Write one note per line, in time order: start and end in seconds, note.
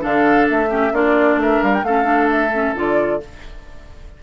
0.00 0.49 D3
0.00 0.68 D4
0.00 0.69 A4
0.00 0.48 F5
0.49 0.92 A3
0.49 0.95 E5
0.69 0.92 C#4
0.69 0.92 G4
0.92 1.37 A#3
0.92 1.84 D4
0.92 1.39 F4
0.92 1.40 D5
1.37 1.59 A3
1.37 1.86 A#4
1.37 1.63 E5
1.63 1.83 G3
1.63 1.74 F5
1.74 1.84 G5
1.83 2.74 A3
1.83 2.03 C#4
1.83 3.22 A4
1.83 2.30 F5
2.03 2.49 D4
2.30 2.76 E5
2.54 2.75 C#4
2.75 3.21 D3
2.75 3.20 F4
2.75 3.23 D5